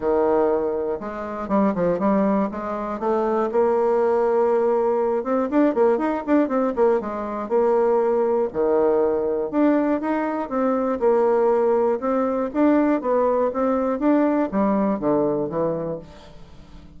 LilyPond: \new Staff \with { instrumentName = "bassoon" } { \time 4/4 \tempo 4 = 120 dis2 gis4 g8 f8 | g4 gis4 a4 ais4~ | ais2~ ais8 c'8 d'8 ais8 | dis'8 d'8 c'8 ais8 gis4 ais4~ |
ais4 dis2 d'4 | dis'4 c'4 ais2 | c'4 d'4 b4 c'4 | d'4 g4 d4 e4 | }